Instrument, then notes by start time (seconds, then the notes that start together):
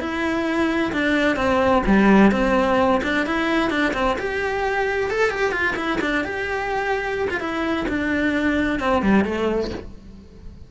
cello
0.00 E4
0.93 D4
1.37 C4
1.87 G3
2.32 C4
3.03 D4
3.26 E4
3.70 D4
3.94 C4
4.19 G4
5.10 A4
5.30 G4
5.52 F4
5.77 E4
6.01 D4
6.25 G4
7.30 F4
7.40 E4
7.89 D4
8.80 C4
9.02 G3
9.25 A3